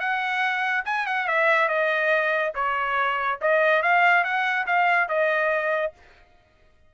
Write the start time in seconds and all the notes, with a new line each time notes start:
0.00 F#5
0.85 G#5
1.07 F#5
1.28 E5
1.68 D#5
2.55 C#5
3.41 D#5
3.82 F5
4.24 F#5
4.66 F5
5.08 D#5